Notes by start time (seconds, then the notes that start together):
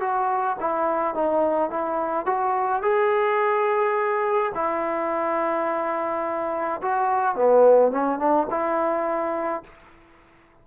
0.00 F#4
0.60 E4
1.14 D#4
1.70 E4
2.25 F#4
2.82 G#4
4.55 E4
6.82 F#4
7.35 B3
7.91 C#4
8.19 D4
8.50 E4